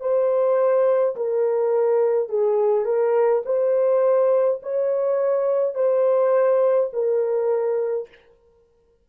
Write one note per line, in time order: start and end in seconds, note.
0.00 1.15 C5
1.16 2.29 A#4
2.29 2.85 G#4
2.85 3.42 A#4
3.46 4.61 C5
4.63 5.75 C#5
5.75 6.90 C5
6.93 8.08 A#4